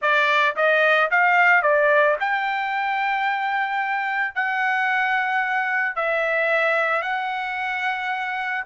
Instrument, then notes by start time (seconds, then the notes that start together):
trumpet
0.01 D5
0.56 D#5
1.10 F5
1.62 D5
2.19 G5
4.34 F#5
5.95 E5
7.01 F#5